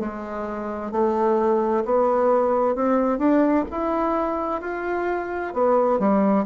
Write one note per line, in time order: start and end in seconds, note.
0.00 0.92 G#3
0.92 1.85 A3
1.85 2.76 B3
2.76 3.19 C4
3.19 3.65 D4
3.71 4.62 E4
4.62 5.54 F4
5.54 6.00 B3
6.00 6.46 G3